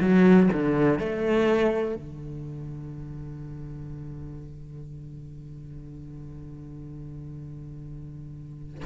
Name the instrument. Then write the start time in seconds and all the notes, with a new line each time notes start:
cello
0.00 F#3
0.52 D3
0.99 A3
1.95 D3